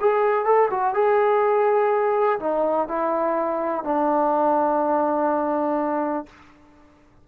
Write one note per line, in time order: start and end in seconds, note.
0.00 0.45 G#4
0.45 0.69 A4
0.70 0.93 F#4
0.93 2.39 G#4
2.39 2.88 D#4
2.88 3.84 E4
3.84 6.26 D4